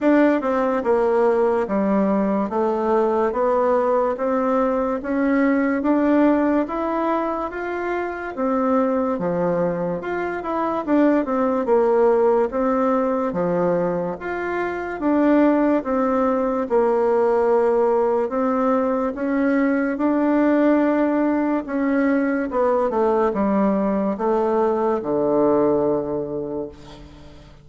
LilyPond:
\new Staff \with { instrumentName = "bassoon" } { \time 4/4 \tempo 4 = 72 d'8 c'8 ais4 g4 a4 | b4 c'4 cis'4 d'4 | e'4 f'4 c'4 f4 | f'8 e'8 d'8 c'8 ais4 c'4 |
f4 f'4 d'4 c'4 | ais2 c'4 cis'4 | d'2 cis'4 b8 a8 | g4 a4 d2 | }